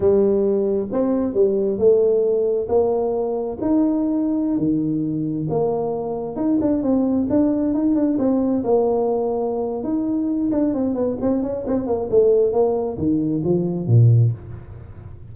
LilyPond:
\new Staff \with { instrumentName = "tuba" } { \time 4/4 \tempo 4 = 134 g2 c'4 g4 | a2 ais2 | dis'2~ dis'16 dis4.~ dis16~ | dis16 ais2 dis'8 d'8 c'8.~ |
c'16 d'4 dis'8 d'8 c'4 ais8.~ | ais2 dis'4. d'8 | c'8 b8 c'8 cis'8 c'8 ais8 a4 | ais4 dis4 f4 ais,4 | }